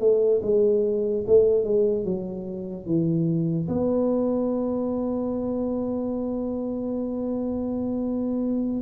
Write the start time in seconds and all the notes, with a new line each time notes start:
0.00 A3
0.43 G#3
1.27 A3
1.64 G#3
2.05 F#3
2.86 E3
3.68 B3